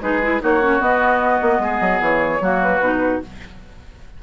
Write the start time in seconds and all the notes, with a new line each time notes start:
0.00 G#3 D#4 G#4 B4
0.22 E4
0.39 A#3 D#4 F#4 C#5
0.61 C#4
0.79 B3 D#5
1.41 A#3
1.59 G#3 G#4
1.80 F#3
2.00 E3 C#5
2.40 F#3 A#3 F#4
2.62 B4
2.80 B2 D#4